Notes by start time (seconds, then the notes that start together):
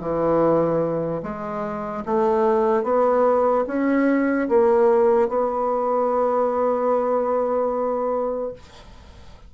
0.00 E3
1.22 G#3
2.05 A3
2.83 B3
3.67 C#4
4.48 A#3
5.28 B3